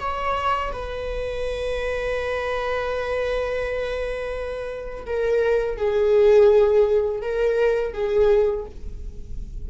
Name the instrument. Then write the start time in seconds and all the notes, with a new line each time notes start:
viola
0.00 C#5
0.72 B4
5.06 A#4
5.77 G#4
7.22 A#4
7.94 G#4